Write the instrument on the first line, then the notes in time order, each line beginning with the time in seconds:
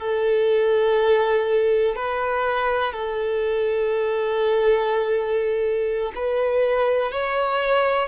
violin
0.00 A4
1.96 B4
2.93 A4
6.15 B4
7.12 C#5